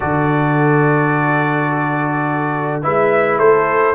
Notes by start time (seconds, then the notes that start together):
0.00 D3 F#4 A4 D5
2.82 G#3 E4 B4 E5
3.39 A3 A4 C5